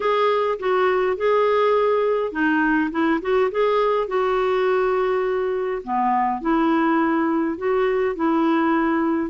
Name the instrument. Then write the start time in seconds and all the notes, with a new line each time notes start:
clarinet
0.00 G#4
0.59 F#4
1.17 G#4
2.32 D#4
2.91 E4
3.21 F#4
3.51 G#4
4.07 F#4
5.83 B3
6.41 E4
7.57 F#4
8.15 E4